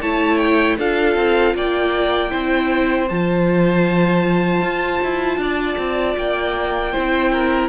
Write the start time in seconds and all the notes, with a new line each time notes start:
0.00 A3 E4 C#5 A5
0.37 G5
0.77 D4 F4 A4 F5
1.15 C4
1.54 A#3 D5 G5
2.30 C4 E4 C5
3.08 F3 F4 A5
4.61 F4
5.03 E4
5.37 D4 D5
5.77 C4
6.17 A#3 G5
6.92 C4 E4 C5
7.32 A#4